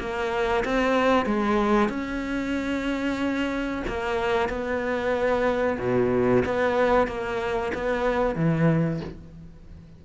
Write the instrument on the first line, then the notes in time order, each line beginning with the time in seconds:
cello
0.00 A#3
0.65 C4
1.26 G#3
1.89 C#4
3.88 A#3
4.49 B3
5.79 B2
6.45 B3
7.08 A#3
7.74 B3
8.36 E3